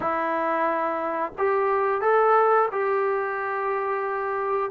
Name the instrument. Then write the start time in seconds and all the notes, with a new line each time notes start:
trombone
0.00 E4
1.38 G4
2.01 A4
2.72 G4